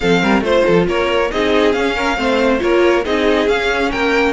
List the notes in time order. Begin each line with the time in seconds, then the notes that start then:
0.00 F3 C4 A4 F5
0.21 G3 A#4
0.40 A3 F4 C5
0.65 F3 A4
0.87 A#3 A#4 C#5
1.31 C4 D#4 G#4 D#5
1.72 C#4 F5
1.95 A#4
2.16 A3 C4 C5
2.58 A#3 F4 A#4 C#5
3.05 C4 D#4 G#4 D#5
3.47 C#4 F5
3.91 A#3 A#4 G5